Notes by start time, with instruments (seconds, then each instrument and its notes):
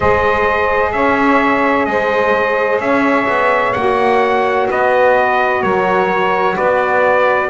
0.00 double bass G#3, saxophone G#4 C5, trumpet D#5
0.92 double bass C#4, saxophone C#5, trumpet E5
1.85 double bass G#3, saxophone C5, trumpet D#5
2.79 double bass C#4, saxophone C#5, trumpet E5
3.27 double bass B3
3.72 double bass A#3, saxophone F#4, trumpet F#5
4.69 double bass B3, saxophone B4, trumpet D#5
5.62 double bass F#3, saxophone A#4, trumpet C#5
6.54 double bass B3, saxophone B4, trumpet D5